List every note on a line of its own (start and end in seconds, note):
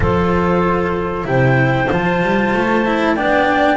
0.00 1.24 F3
0.00 1.24 F4
0.00 1.27 A4
0.00 1.26 C5
1.24 1.87 C3
1.24 1.87 E4
1.24 1.89 G5
1.30 3.15 C5
1.91 2.22 F3
1.91 2.85 F4
1.91 3.16 A5
2.22 2.54 G3
2.54 3.16 A3
2.85 3.16 E4
3.15 3.77 B3
3.15 3.77 D4
3.15 3.77 D5
3.15 3.77 G5